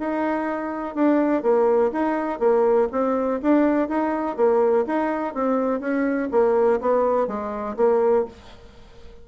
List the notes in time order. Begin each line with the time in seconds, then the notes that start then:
0.00 D#4
0.96 D4
1.43 A#3
1.93 D#4
2.40 A#3
2.92 C4
3.43 D4
3.89 D#4
4.37 A#3
4.87 D#4
5.35 C4
5.80 C#4
6.32 A#3
6.81 B3
7.28 G#3
7.77 A#3